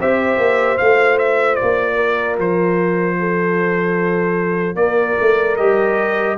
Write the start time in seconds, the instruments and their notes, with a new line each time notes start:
0.00 tuba C4, trombone G4, horn C5, trumpet E5
0.38 tuba A#3
0.78 tuba A3, trombone F4, trumpet F5
1.18 trumpet E5
1.56 trumpet D5
1.62 tuba A#3
1.96 horn A#4
2.39 tuba F3, trumpet C5
3.19 horn A4
4.75 tuba A#3, horn A#4, trumpet D5
5.20 tuba A3
5.57 tuba G3, trombone G4, trumpet D#5